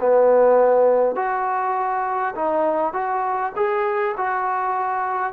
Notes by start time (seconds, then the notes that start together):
0.00 B3
1.16 F#4
2.35 D#4
2.93 F#4
3.56 G#4
4.17 F#4